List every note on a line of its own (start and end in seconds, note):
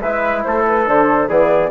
0.00 0.44 G#3
0.00 0.85 E4
0.00 0.44 B4
0.00 0.42 E5
0.43 0.87 A3
0.43 1.28 A4
0.43 0.64 C5
0.67 0.88 B4
0.85 1.28 D3
0.85 1.27 D4
0.85 1.29 C5
1.28 1.70 E3
1.28 1.71 B3
1.28 1.70 G#4
1.28 1.71 D5